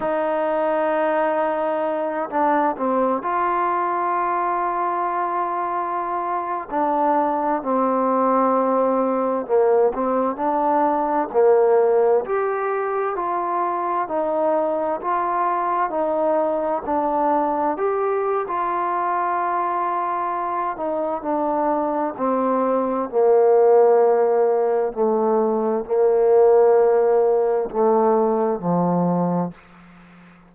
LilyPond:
\new Staff \with { instrumentName = "trombone" } { \time 4/4 \tempo 4 = 65 dis'2~ dis'8 d'8 c'8 f'8~ | f'2.~ f'16 d'8.~ | d'16 c'2 ais8 c'8 d'8.~ | d'16 ais4 g'4 f'4 dis'8.~ |
dis'16 f'4 dis'4 d'4 g'8. | f'2~ f'8 dis'8 d'4 | c'4 ais2 a4 | ais2 a4 f4 | }